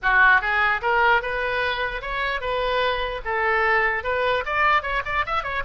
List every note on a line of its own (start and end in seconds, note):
0.02 0.41 F#4
0.41 0.81 G#4
0.81 1.22 A#4
1.22 2.01 B4
2.01 2.40 C#5
2.40 3.21 B4
3.25 4.03 A4
4.03 4.43 B4
4.45 4.82 D5
4.82 5.02 C#5
5.05 5.25 D5
5.26 5.43 E5
5.43 5.63 C#5